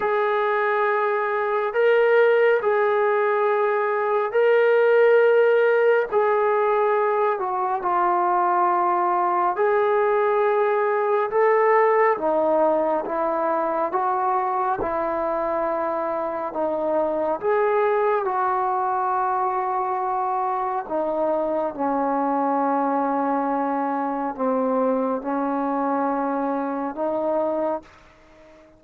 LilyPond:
\new Staff \with { instrumentName = "trombone" } { \time 4/4 \tempo 4 = 69 gis'2 ais'4 gis'4~ | gis'4 ais'2 gis'4~ | gis'8 fis'8 f'2 gis'4~ | gis'4 a'4 dis'4 e'4 |
fis'4 e'2 dis'4 | gis'4 fis'2. | dis'4 cis'2. | c'4 cis'2 dis'4 | }